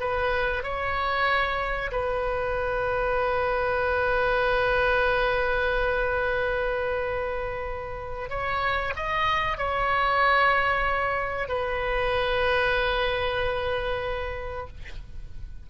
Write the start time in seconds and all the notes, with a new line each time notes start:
0.00 B4
0.63 C#5
1.91 B4
8.29 C#5
8.96 D#5
9.58 C#5
11.48 B4